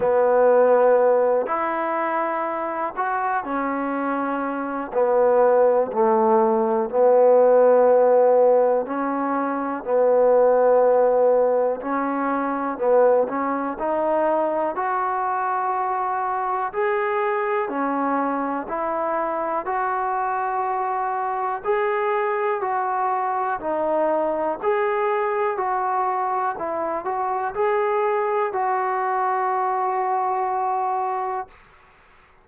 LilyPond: \new Staff \with { instrumentName = "trombone" } { \time 4/4 \tempo 4 = 61 b4. e'4. fis'8 cis'8~ | cis'4 b4 a4 b4~ | b4 cis'4 b2 | cis'4 b8 cis'8 dis'4 fis'4~ |
fis'4 gis'4 cis'4 e'4 | fis'2 gis'4 fis'4 | dis'4 gis'4 fis'4 e'8 fis'8 | gis'4 fis'2. | }